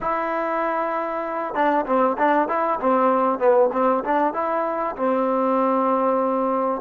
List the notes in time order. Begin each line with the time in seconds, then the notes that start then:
0.01 E4
1.54 D4
1.86 C4
2.18 D4
2.48 E4
2.80 C4
3.38 B3
3.72 C4
4.04 D4
4.33 E4
4.95 C4